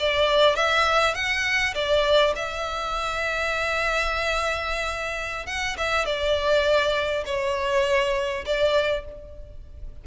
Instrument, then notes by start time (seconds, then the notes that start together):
violin
0.00 D5
0.56 E5
1.15 F#5
1.75 D5
2.36 E5
5.47 F#5
5.78 E5
6.06 D5
7.26 C#5
8.46 D5